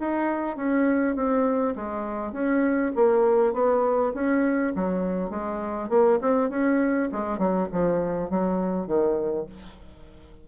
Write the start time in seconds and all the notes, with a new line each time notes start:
0.00 D#4
0.57 C#4
1.16 C4
1.76 G#3
2.33 C#4
2.96 A#3
3.54 B3
4.14 C#4
4.76 F#3
5.31 G#3
5.89 A#3
6.22 C4
6.50 C#4
7.13 G#3
7.39 F#3
7.73 F3
8.30 F#3
8.87 D#3